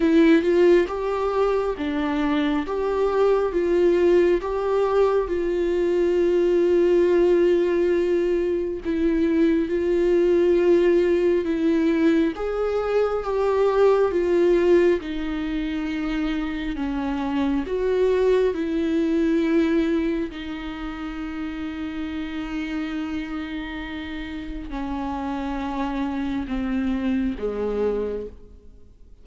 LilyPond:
\new Staff \with { instrumentName = "viola" } { \time 4/4 \tempo 4 = 68 e'8 f'8 g'4 d'4 g'4 | f'4 g'4 f'2~ | f'2 e'4 f'4~ | f'4 e'4 gis'4 g'4 |
f'4 dis'2 cis'4 | fis'4 e'2 dis'4~ | dis'1 | cis'2 c'4 gis4 | }